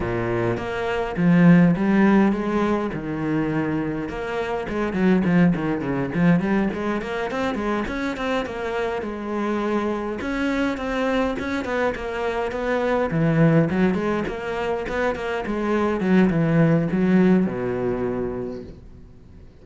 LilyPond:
\new Staff \with { instrumentName = "cello" } { \time 4/4 \tempo 4 = 103 ais,4 ais4 f4 g4 | gis4 dis2 ais4 | gis8 fis8 f8 dis8 cis8 f8 g8 gis8 | ais8 c'8 gis8 cis'8 c'8 ais4 gis8~ |
gis4. cis'4 c'4 cis'8 | b8 ais4 b4 e4 fis8 | gis8 ais4 b8 ais8 gis4 fis8 | e4 fis4 b,2 | }